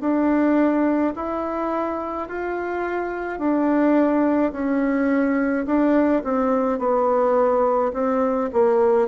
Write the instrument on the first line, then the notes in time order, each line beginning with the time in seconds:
bassoon
0.00 D4
1.15 E4
2.28 F4
3.39 D4
4.52 C#4
5.66 D4
6.24 C4
6.79 B3
7.93 C4
8.53 A#3